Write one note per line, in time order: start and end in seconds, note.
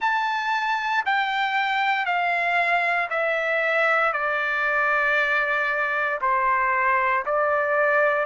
0.00 1.04 A5
1.05 2.05 G5
2.05 3.08 F5
3.09 4.12 E5
4.12 6.19 D5
6.21 7.24 C5
7.25 8.25 D5